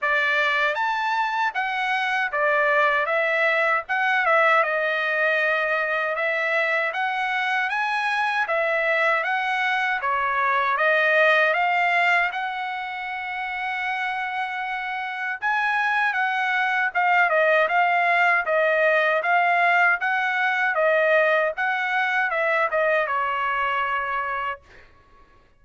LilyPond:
\new Staff \with { instrumentName = "trumpet" } { \time 4/4 \tempo 4 = 78 d''4 a''4 fis''4 d''4 | e''4 fis''8 e''8 dis''2 | e''4 fis''4 gis''4 e''4 | fis''4 cis''4 dis''4 f''4 |
fis''1 | gis''4 fis''4 f''8 dis''8 f''4 | dis''4 f''4 fis''4 dis''4 | fis''4 e''8 dis''8 cis''2 | }